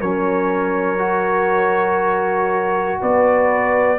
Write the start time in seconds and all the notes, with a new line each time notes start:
0.00 F#3 C#4 A#4 C#5
0.98 F#4
3.00 B3 B4 D5